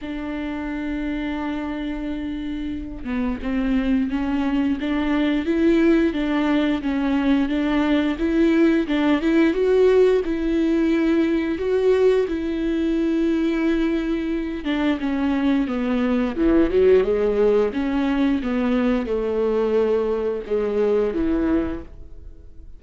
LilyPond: \new Staff \with { instrumentName = "viola" } { \time 4/4 \tempo 4 = 88 d'1~ | d'8 b8 c'4 cis'4 d'4 | e'4 d'4 cis'4 d'4 | e'4 d'8 e'8 fis'4 e'4~ |
e'4 fis'4 e'2~ | e'4. d'8 cis'4 b4 | e8 fis8 gis4 cis'4 b4 | a2 gis4 e4 | }